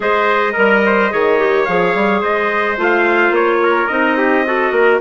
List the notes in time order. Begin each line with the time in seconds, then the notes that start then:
0.00 G#3 G#4 C5 D#5
0.53 G3 A#4
0.85 C5
1.11 D#3 G#4 C#5
1.39 G4
1.64 F3 G#4 F5
1.94 G3
2.21 G#3 C5 D#5
2.77 A3 F4 F5
3.30 A#3 C#5
3.62 A#4
3.87 C4 D#4 D#5
4.17 G4
4.45 F#4 A4
4.71 A#3 A#4